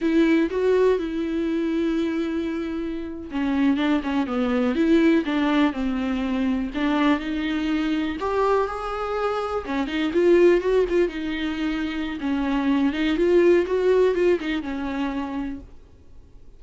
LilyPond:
\new Staff \with { instrumentName = "viola" } { \time 4/4 \tempo 4 = 123 e'4 fis'4 e'2~ | e'2~ e'8. cis'4 d'16~ | d'16 cis'8 b4 e'4 d'4 c'16~ | c'4.~ c'16 d'4 dis'4~ dis'16~ |
dis'8. g'4 gis'2 cis'16~ | cis'16 dis'8 f'4 fis'8 f'8 dis'4~ dis'16~ | dis'4 cis'4. dis'8 f'4 | fis'4 f'8 dis'8 cis'2 | }